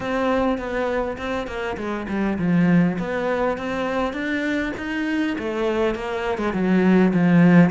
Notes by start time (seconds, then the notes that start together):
0.00 C4
0.58 B3
1.17 C4
1.47 A#3
1.77 G#3
2.08 G3
2.38 F3
2.98 B3
3.57 C4
4.13 D4
4.77 D#4
5.38 A3
5.95 A#3
6.38 G#3
6.53 F#3
7.13 F3